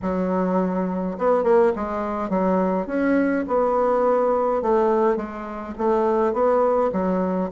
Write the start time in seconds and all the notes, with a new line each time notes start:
0.02 F#3
1.17 B3
1.43 A#3
1.75 G#3
2.29 F#3
2.87 C#4
3.47 B3
4.62 A3
5.16 G#3
5.78 A3
6.33 B3
6.92 F#3